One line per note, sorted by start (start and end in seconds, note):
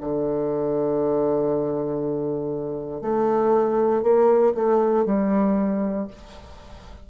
0.00 3.01 D3
3.01 4.02 A3
4.02 4.53 A#3
4.54 5.05 A3
5.05 6.07 G3